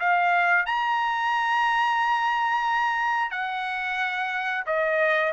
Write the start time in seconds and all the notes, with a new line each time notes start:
0.00 F5
0.66 A#5
3.31 F#5
4.67 D#5